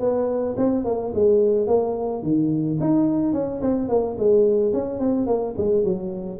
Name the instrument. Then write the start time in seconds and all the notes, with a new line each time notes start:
tuba
0.00 B3
0.57 C4
0.85 A#3
1.14 G#3
1.67 A#3
2.23 D#3
2.81 D#4
3.33 C#4
3.62 C4
3.89 A#3
4.18 G#3
4.73 C#4
4.99 C4
5.27 A#3
5.58 G#3
5.84 F#3